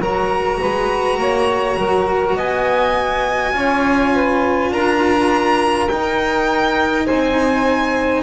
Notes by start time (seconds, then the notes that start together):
0.00 F#3 F#4 A#4 A#5
0.61 G#3 B4
1.18 A#3 C#5
1.77 F#3 A#4
2.36 B3 D#5 G#5
3.53 C#4 F4 C#5
4.14 B4
4.71 D4 A#4 A#5
5.89 D#4 G5
7.06 C4 C5 G#5